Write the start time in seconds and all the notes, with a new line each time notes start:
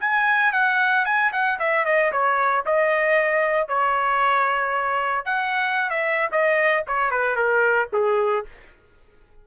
0.00 G#5
0.53 F#5
1.05 G#5
1.32 F#5
1.59 E5
1.85 D#5
2.12 C#5
2.66 D#5
3.68 C#5
5.25 F#5
5.90 E5
6.32 D#5
6.87 C#5
7.11 B4
7.36 A#4
7.93 G#4